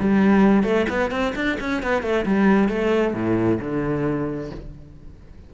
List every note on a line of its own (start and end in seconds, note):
0.00 0.64 G3
0.64 0.87 A3
0.90 1.11 B3
1.11 1.34 C4
1.36 1.58 D4
1.61 1.83 C#4
1.83 2.03 B3
2.03 2.26 A3
2.26 2.69 G3
2.69 3.14 A3
3.14 3.59 A2
3.61 4.51 D3